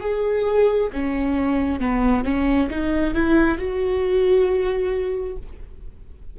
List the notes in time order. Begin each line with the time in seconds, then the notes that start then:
0.00 G#4
0.92 C#4
1.80 B3
2.24 C#4
2.70 D#4
3.14 E4
3.57 F#4